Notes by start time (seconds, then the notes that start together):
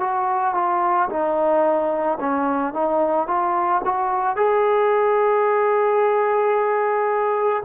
0.00 F#4
0.55 F4
1.09 D#4
2.20 C#4
2.74 D#4
3.27 F4
3.85 F#4
4.36 G#4